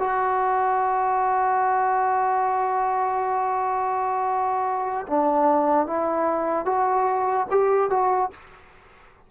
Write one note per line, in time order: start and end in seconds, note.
0.00 5.07 F#4
5.07 5.87 D4
5.87 6.66 E4
6.66 7.47 F#4
7.51 7.91 G4
7.91 8.31 F#4